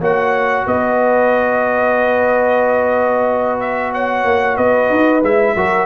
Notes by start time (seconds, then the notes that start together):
0.00 A#3 F#4 C#5 F#5
0.67 B3 B4 D#5
3.60 E5
3.93 C#5 F#5
4.25 A#3
4.57 B3 B4 D#5
4.91 D#4
5.23 G#3 E4 E5
5.56 F#3 F#4 A#4